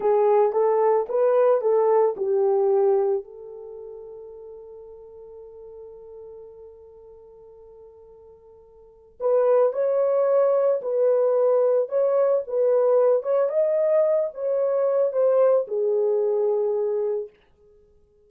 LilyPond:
\new Staff \with { instrumentName = "horn" } { \time 4/4 \tempo 4 = 111 gis'4 a'4 b'4 a'4 | g'2 a'2~ | a'1~ | a'1~ |
a'4 b'4 cis''2 | b'2 cis''4 b'4~ | b'8 cis''8 dis''4. cis''4. | c''4 gis'2. | }